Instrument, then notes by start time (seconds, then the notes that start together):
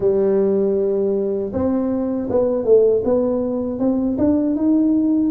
tuba
0.00 G3
1.53 C4
2.30 B3
2.64 A3
3.04 B3
3.79 C4
4.18 D4
4.55 D#4